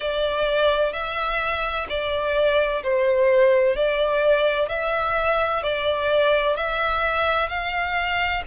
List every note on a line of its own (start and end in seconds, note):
0.00 0.92 D5
0.92 1.86 E5
1.89 2.83 D5
2.83 3.75 C5
3.75 4.69 D5
4.69 5.62 E5
5.62 6.56 D5
6.56 7.49 E5
7.49 8.42 F5